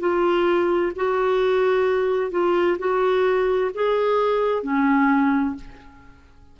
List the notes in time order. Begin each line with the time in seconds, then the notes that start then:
0.00 F4
0.96 F#4
2.31 F4
2.79 F#4
3.74 G#4
4.63 C#4